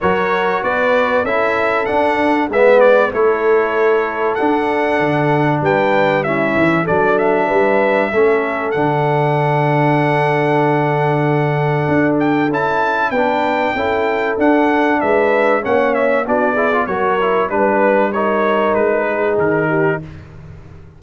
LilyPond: <<
  \new Staff \with { instrumentName = "trumpet" } { \time 4/4 \tempo 4 = 96 cis''4 d''4 e''4 fis''4 | e''8 d''8 cis''2 fis''4~ | fis''4 g''4 e''4 d''8 e''8~ | e''2 fis''2~ |
fis''2.~ fis''8 g''8 | a''4 g''2 fis''4 | e''4 fis''8 e''8 d''4 cis''4 | b'4 cis''4 b'4 ais'4 | }
  \new Staff \with { instrumentName = "horn" } { \time 4/4 ais'4 b'4 a'2 | b'4 a'2.~ | a'4 b'4 e'4 a'4 | b'4 a'2.~ |
a'1~ | a'4 b'4 a'2 | b'4 cis''4 fis'8 gis'8 ais'4 | b'4 ais'4. gis'4 g'8 | }
  \new Staff \with { instrumentName = "trombone" } { \time 4/4 fis'2 e'4 d'4 | b4 e'2 d'4~ | d'2 cis'4 d'4~ | d'4 cis'4 d'2~ |
d'1 | e'4 d'4 e'4 d'4~ | d'4 cis'4 d'8 e'16 f'16 fis'8 e'8 | d'4 dis'2. | }
  \new Staff \with { instrumentName = "tuba" } { \time 4/4 fis4 b4 cis'4 d'4 | gis4 a2 d'4 | d4 g4. e8 fis4 | g4 a4 d2~ |
d2. d'4 | cis'4 b4 cis'4 d'4 | gis4 ais4 b4 fis4 | g2 gis4 dis4 | }
>>